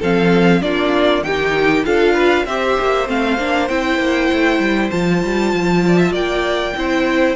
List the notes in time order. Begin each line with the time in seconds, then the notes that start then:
0.00 F3 C4 A4 F5
0.61 A#3 D4 F4 D5
1.23 D#3 D#4 G4 G5
1.85 D4 F4 A4 F5
2.14 B4
2.46 C4 G4 C5 E5
2.80 A#3
3.07 A3 C4 F5
3.39 A#3 D4
3.69 C4 E4 G5
3.99 A#3
4.33 A3
4.60 G3
4.91 F3 F4 A5
5.23 G3
5.54 F3
5.87 D5
5.98 E5
6.12 A#3 D5 G5
6.76 C4 E4 C5